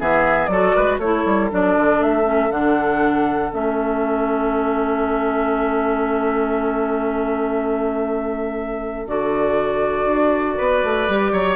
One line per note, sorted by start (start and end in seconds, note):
0.00 0.48 E3
0.00 0.51 B3
0.00 0.50 G#4
0.00 0.46 E5
0.46 0.73 F#3
0.46 1.01 F#4
0.46 0.76 A4
0.46 0.97 D5
0.76 0.99 G#3
0.76 0.99 B4
0.99 1.24 A3
0.99 1.50 E4
0.99 10.57 A4
0.99 1.50 C#5
1.26 1.51 G3
1.50 1.77 F#3
1.50 2.24 D4
1.50 2.03 D5
1.77 2.01 D3
2.01 2.50 A3
2.01 2.52 E5
2.24 2.49 C#4
2.50 3.51 D3
2.50 3.51 D4
2.50 3.53 F#5
3.53 9.07 A3
3.53 9.07 C#4
3.53 9.08 E5
9.07 10.05 D3
9.07 11.09 F#4
9.07 11.56 D5
10.05 10.56 D4
10.58 10.84 B3
10.58 11.33 B4
10.84 11.09 A3
11.09 11.32 G3
11.09 11.56 G4
11.32 11.56 F#3
11.32 11.56 C#5